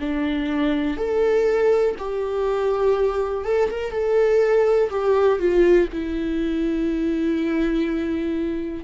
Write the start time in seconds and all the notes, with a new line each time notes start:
0.00 D4
0.97 A4
1.99 G4
3.45 A4
3.71 A#4
3.91 A4
4.90 G4
5.39 F4
5.92 E4